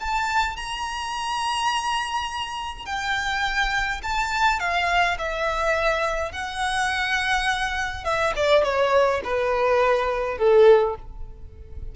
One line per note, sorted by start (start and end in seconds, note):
0.00 0.56 A5
0.56 2.86 A#5
2.86 4.01 G5
4.03 4.60 A5
4.60 5.17 F5
5.18 6.32 E5
6.32 8.05 F#5
8.05 8.33 E5
8.36 8.64 D5
8.64 9.21 C#5
9.24 10.38 B4
10.38 10.96 A4